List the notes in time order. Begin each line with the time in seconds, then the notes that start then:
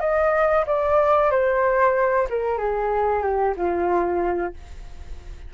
0.00 D#5
0.66 D5
1.31 C5
2.29 A#4
2.58 G#4
3.23 G4
3.57 F4